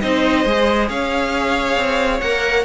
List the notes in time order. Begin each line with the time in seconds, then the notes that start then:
0.00 C4 D#4 C5 D#5
0.45 G#3 G#4
0.89 C#4 C#5 F5
1.76 C4
2.20 A#3 A#4 F#5